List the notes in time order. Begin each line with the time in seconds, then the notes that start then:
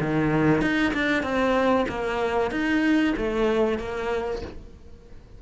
0.00 D#3
0.61 D#4
0.93 D4
1.23 C4
1.88 A#3
2.51 D#4
3.17 A3
3.78 A#3